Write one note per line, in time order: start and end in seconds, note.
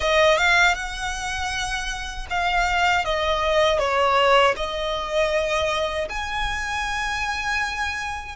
0.00 0.37 D#5
0.37 0.74 F5
0.74 2.26 F#5
2.30 3.04 F5
3.04 3.78 D#5
3.78 4.54 C#5
4.56 6.08 D#5
6.09 8.36 G#5